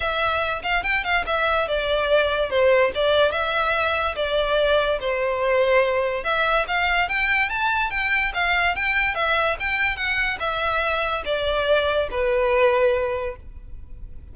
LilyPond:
\new Staff \with { instrumentName = "violin" } { \time 4/4 \tempo 4 = 144 e''4. f''8 g''8 f''8 e''4 | d''2 c''4 d''4 | e''2 d''2 | c''2. e''4 |
f''4 g''4 a''4 g''4 | f''4 g''4 e''4 g''4 | fis''4 e''2 d''4~ | d''4 b'2. | }